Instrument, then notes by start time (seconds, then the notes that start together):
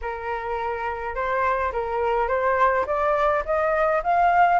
flute
0.01 A#4
1.15 C5
1.72 A#4
2.28 C5
2.86 D5
3.45 D#5
4.03 F5